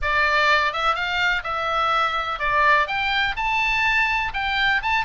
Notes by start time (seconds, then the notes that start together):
0.02 D5
0.72 E5
0.95 F5
1.43 E5
2.39 D5
2.87 G5
3.36 A5
4.33 G5
4.82 A5